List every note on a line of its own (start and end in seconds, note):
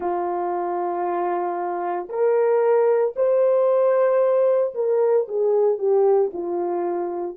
0.00 2.08 F4
2.09 3.14 A#4
3.16 4.74 C5
4.74 5.27 A#4
5.27 5.78 G#4
5.78 6.31 G4
6.33 7.37 F4